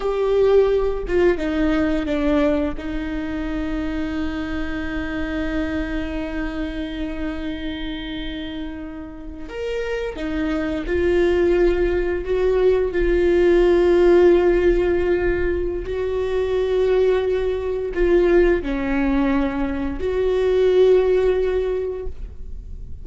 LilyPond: \new Staff \with { instrumentName = "viola" } { \time 4/4 \tempo 4 = 87 g'4. f'8 dis'4 d'4 | dis'1~ | dis'1~ | dis'4.~ dis'16 ais'4 dis'4 f'16~ |
f'4.~ f'16 fis'4 f'4~ f'16~ | f'2. fis'4~ | fis'2 f'4 cis'4~ | cis'4 fis'2. | }